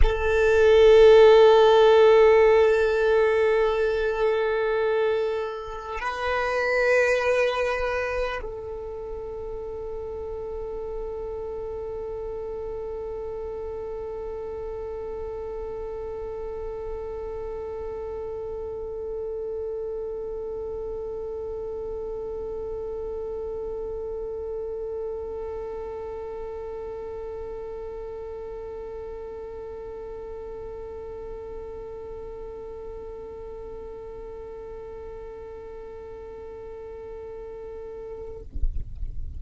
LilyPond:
\new Staff \with { instrumentName = "violin" } { \time 4/4 \tempo 4 = 50 a'1~ | a'4 b'2 a'4~ | a'1~ | a'1~ |
a'1~ | a'1~ | a'1~ | a'1 | }